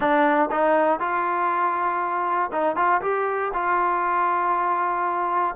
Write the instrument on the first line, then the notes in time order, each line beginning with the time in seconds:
trombone
0.00 D4
0.51 D#4
0.99 F4
2.51 D#4
2.75 F4
3.01 G4
3.53 F4